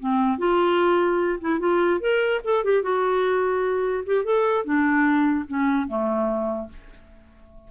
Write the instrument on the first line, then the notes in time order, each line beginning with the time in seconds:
clarinet
0.00 C4
0.39 F4
1.41 E4
1.60 F4
2.01 A#4
2.45 A4
2.65 G4
2.83 F#4
4.06 G4
4.25 A4
4.65 D4
5.48 C#4
5.88 A3